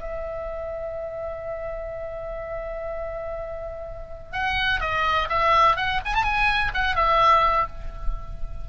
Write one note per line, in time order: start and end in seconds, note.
0.00 4.32 E5
4.32 4.80 F#5
4.80 5.28 D#5
5.29 5.76 E5
5.76 6.00 F#5
6.05 6.14 G#5
6.14 6.23 A5
6.23 6.71 G#5
6.73 6.95 F#5
6.95 7.67 E5